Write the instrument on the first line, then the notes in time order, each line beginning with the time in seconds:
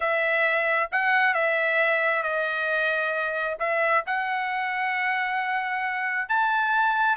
trumpet
0.00 E5
0.91 F#5
1.34 E5
2.22 D#5
3.59 E5
4.06 F#5
6.28 A5